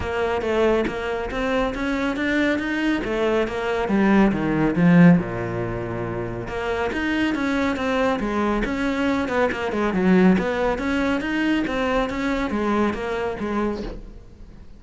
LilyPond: \new Staff \with { instrumentName = "cello" } { \time 4/4 \tempo 4 = 139 ais4 a4 ais4 c'4 | cis'4 d'4 dis'4 a4 | ais4 g4 dis4 f4 | ais,2. ais4 |
dis'4 cis'4 c'4 gis4 | cis'4. b8 ais8 gis8 fis4 | b4 cis'4 dis'4 c'4 | cis'4 gis4 ais4 gis4 | }